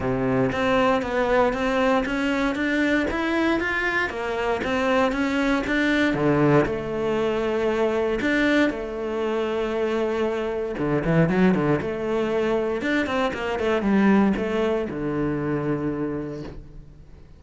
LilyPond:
\new Staff \with { instrumentName = "cello" } { \time 4/4 \tempo 4 = 117 c4 c'4 b4 c'4 | cis'4 d'4 e'4 f'4 | ais4 c'4 cis'4 d'4 | d4 a2. |
d'4 a2.~ | a4 d8 e8 fis8 d8 a4~ | a4 d'8 c'8 ais8 a8 g4 | a4 d2. | }